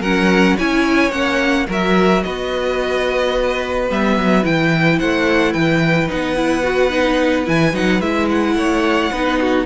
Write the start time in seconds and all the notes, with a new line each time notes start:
0.00 F#3 C#4 A#4 F#5
0.56 C#4 E4 C#5 G#5
1.10 A#3 C#4 F#5
1.68 F#3 F#4 A#4 E5
2.23 B3 B4 D#5
3.88 G3 B3 E5
4.16 F#3
4.42 E3 E4 G5
4.98 A3 C5 F#5
5.52 E3 B4 G5
6.07 B3 D#4 F#5
6.35 E4
6.63 F#4
6.89 D#4
7.45 E3 E4 G#5
7.73 F#3 D#4 F#5
8.00 G#3 E4 E5
8.29 F#5
8.55 A3 C#5
9.11 B3 D#4 B4
9.40 F#4